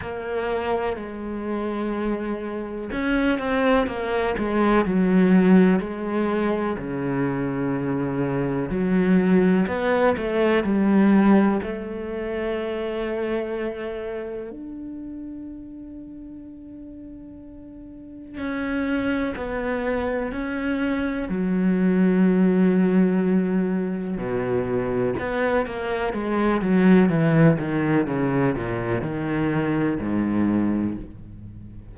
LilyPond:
\new Staff \with { instrumentName = "cello" } { \time 4/4 \tempo 4 = 62 ais4 gis2 cis'8 c'8 | ais8 gis8 fis4 gis4 cis4~ | cis4 fis4 b8 a8 g4 | a2. d'4~ |
d'2. cis'4 | b4 cis'4 fis2~ | fis4 b,4 b8 ais8 gis8 fis8 | e8 dis8 cis8 ais,8 dis4 gis,4 | }